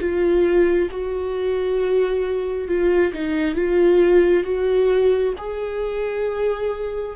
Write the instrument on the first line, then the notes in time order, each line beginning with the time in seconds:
viola
0.00 F4
0.91 F#4
2.68 F4
3.13 D#4
3.55 F4
4.45 F#4
5.39 G#4